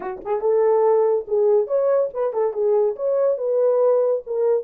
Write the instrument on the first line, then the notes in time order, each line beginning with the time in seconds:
horn
0.00 F#4
0.24 G#4
0.41 A4
1.27 G#4
1.67 C#5
2.13 B4
2.33 A4
2.53 G#4
2.95 C#5
3.37 B4
4.26 A#4